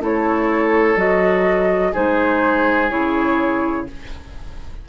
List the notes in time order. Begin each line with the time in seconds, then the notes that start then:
0.00 A3 E4 A4 C#5
0.96 F#3 F#4 D#5
1.93 G#3 D#4 G#4 C5
2.90 C#3 E4 C#5